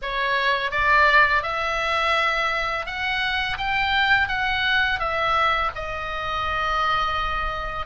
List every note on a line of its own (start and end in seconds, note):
0.02 0.71 C#5
0.71 1.42 D5
1.43 2.85 E5
2.85 3.57 F#5
3.57 4.28 G5
4.28 4.99 F#5
4.99 5.70 E5
5.75 7.86 D#5